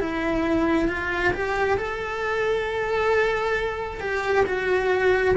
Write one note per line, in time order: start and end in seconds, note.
0.00 0.88 E4
0.88 1.33 F4
1.33 1.77 G4
1.77 4.00 A4
4.00 4.45 G4
4.46 5.35 F#4